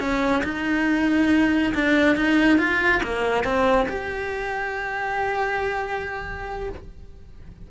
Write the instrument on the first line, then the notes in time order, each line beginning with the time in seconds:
cello
0.00 C#4
0.44 D#4
1.75 D4
2.17 D#4
2.59 F4
3.04 A#3
3.45 C4
3.89 G4